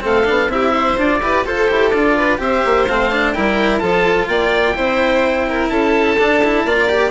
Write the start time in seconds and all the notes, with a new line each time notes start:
0.00 A3 C4 A4
0.06 F5
0.25 B3 D4
0.48 C4 E4 G4 E5
0.73 C5
0.97 D4 F4 D5
1.20 E4 G4 B4
1.45 F4 A4 C5
1.68 E4 G4
1.90 D4 F4 D5
2.16 B4
2.38 C4 G4 C5 E5
2.65 A#3
2.87 A3 C4 F5
3.11 D4
3.32 G3 E4 A#4 G5
3.78 F3 F4 A4 A5
4.28 A#3 D5 G5
4.75 C4 E4 C5
5.48 A#4
5.69 C#4 A4 A5
6.18 D4
6.44 E4
6.64 A#3 F4 D5
6.80 D5
6.89 G4